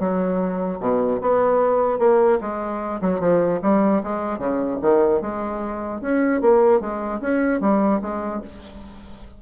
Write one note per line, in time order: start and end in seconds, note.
0.00 0.80 F#3
0.80 1.20 B2
1.22 1.99 B3
1.99 2.39 A#3
2.41 3.01 G#3
3.01 3.20 F#3
3.20 3.60 F3
3.63 4.03 G3
4.04 4.39 G#3
4.39 4.79 C#3
4.82 5.22 D#3
5.22 6.02 G#3
6.02 6.41 C#4
6.41 6.81 A#3
6.81 7.21 G#3
7.21 7.61 C#4
7.61 8.01 G3
8.02 8.42 G#3